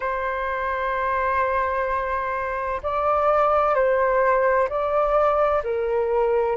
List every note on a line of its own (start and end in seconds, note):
0.00 2.81 C5
2.83 3.74 D5
3.74 4.68 C5
4.69 5.62 D5
5.63 6.56 A#4